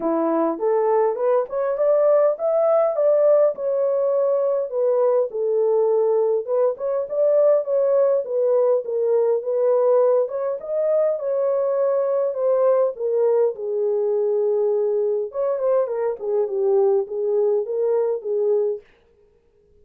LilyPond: \new Staff \with { instrumentName = "horn" } { \time 4/4 \tempo 4 = 102 e'4 a'4 b'8 cis''8 d''4 | e''4 d''4 cis''2 | b'4 a'2 b'8 cis''8 | d''4 cis''4 b'4 ais'4 |
b'4. cis''8 dis''4 cis''4~ | cis''4 c''4 ais'4 gis'4~ | gis'2 cis''8 c''8 ais'8 gis'8 | g'4 gis'4 ais'4 gis'4 | }